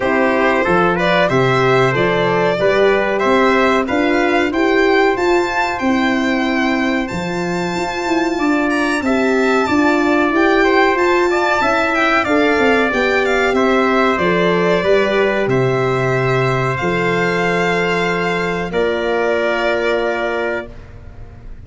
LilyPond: <<
  \new Staff \with { instrumentName = "violin" } { \time 4/4 \tempo 4 = 93 c''4. d''8 e''4 d''4~ | d''4 e''4 f''4 g''4 | a''4 g''2 a''4~ | a''4. ais''8 a''2 |
g''4 a''4. g''8 f''4 | g''8 f''8 e''4 d''2 | e''2 f''2~ | f''4 d''2. | }
  \new Staff \with { instrumentName = "trumpet" } { \time 4/4 g'4 a'8 b'8 c''2 | b'4 c''4 b'4 c''4~ | c''1~ | c''4 d''4 e''4 d''4~ |
d''8 c''4 d''8 e''4 d''4~ | d''4 c''2 b'4 | c''1~ | c''4 ais'2. | }
  \new Staff \with { instrumentName = "horn" } { \time 4/4 e'4 f'4 g'4 a'4 | g'2 f'4 g'4 | f'4 e'2 f'4~ | f'2 g'4 f'4 |
g'4 f'4 e'4 a'4 | g'2 a'4 g'4~ | g'2 a'2~ | a'4 f'2. | }
  \new Staff \with { instrumentName = "tuba" } { \time 4/4 c'4 f4 c4 f4 | g4 c'4 d'4 e'4 | f'4 c'2 f4 | f'8 e'8 d'4 c'4 d'4 |
e'4 f'4 cis'4 d'8 c'8 | b4 c'4 f4 g4 | c2 f2~ | f4 ais2. | }
>>